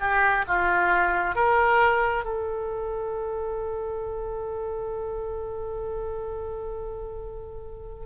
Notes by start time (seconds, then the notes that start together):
0.00 G4
0.47 F4
1.35 A#4
2.24 A4